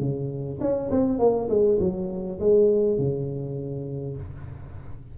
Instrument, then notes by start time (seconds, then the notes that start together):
tuba
0.00 C#3
0.61 C#4
0.91 C4
1.19 A#3
1.50 G#3
1.80 F#3
2.40 G#3
2.98 C#3